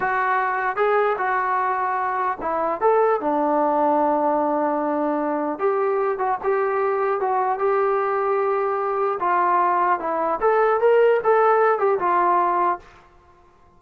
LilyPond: \new Staff \with { instrumentName = "trombone" } { \time 4/4 \tempo 4 = 150 fis'2 gis'4 fis'4~ | fis'2 e'4 a'4 | d'1~ | d'2 g'4. fis'8 |
g'2 fis'4 g'4~ | g'2. f'4~ | f'4 e'4 a'4 ais'4 | a'4. g'8 f'2 | }